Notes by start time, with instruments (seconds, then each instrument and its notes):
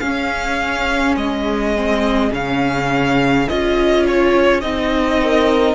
0.00 cello C#4, viola C#4, violin G#4 F5
1.16 cello G#3, violin D#5
1.77 viola C4
2.32 cello C#3, viola C#4, violin F5
3.49 cello C#4, viola F4, violin D#5
4.08 violin C#5
4.61 cello C4, viola D#4, violin D#5
5.23 violin A#4